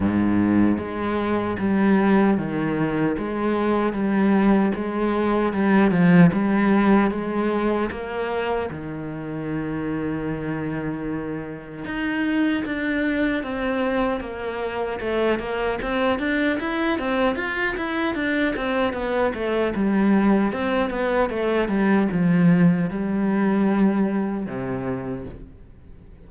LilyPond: \new Staff \with { instrumentName = "cello" } { \time 4/4 \tempo 4 = 76 gis,4 gis4 g4 dis4 | gis4 g4 gis4 g8 f8 | g4 gis4 ais4 dis4~ | dis2. dis'4 |
d'4 c'4 ais4 a8 ais8 | c'8 d'8 e'8 c'8 f'8 e'8 d'8 c'8 | b8 a8 g4 c'8 b8 a8 g8 | f4 g2 c4 | }